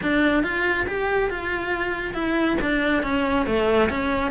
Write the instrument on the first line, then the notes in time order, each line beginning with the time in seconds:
cello
0.02 D4
0.43 F4
0.87 G4
1.30 F4
2.13 E4
2.61 D4
3.03 C#4
3.46 A3
3.89 C#4